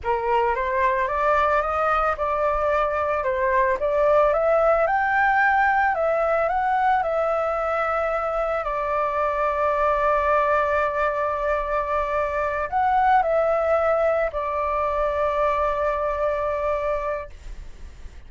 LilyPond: \new Staff \with { instrumentName = "flute" } { \time 4/4 \tempo 4 = 111 ais'4 c''4 d''4 dis''4 | d''2 c''4 d''4 | e''4 g''2 e''4 | fis''4 e''2. |
d''1~ | d''2.~ d''8 fis''8~ | fis''8 e''2 d''4.~ | d''1 | }